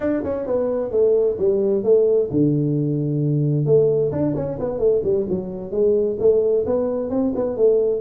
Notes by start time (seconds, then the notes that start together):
0.00 D4
0.23 C#4
0.46 B3
0.91 A3
1.38 G3
1.83 A3
2.30 D3
3.65 A3
4.12 D4
4.35 C#4
4.59 B3
4.78 A3
5.03 G3
5.29 F#3
5.71 G#3
6.19 A3
6.66 B3
7.10 C4
7.35 B3
7.56 A3